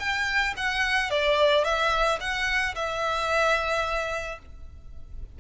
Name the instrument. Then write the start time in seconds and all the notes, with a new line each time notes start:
violin
0.00 G5
0.58 F#5
1.11 D5
1.65 E5
2.21 F#5
2.76 E5